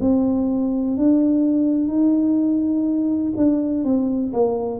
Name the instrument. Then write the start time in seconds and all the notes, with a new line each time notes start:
tuba
0.00 C4
0.97 D4
1.88 D#4
3.37 D4
3.84 C4
4.33 A#3